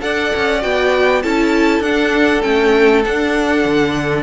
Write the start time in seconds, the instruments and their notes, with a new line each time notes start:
0.00 cello D4, viola A4, violin D5 F#5
0.36 cello C#4
0.62 cello B3, viola F#4, violin G5
1.23 cello C#4, viola E4, violin A4 A5
1.80 cello D4, viola D4, violin F#5
2.42 cello A3, viola C#4, violin G5
3.05 viola D4, cello D4, violin F#5
3.65 cello D3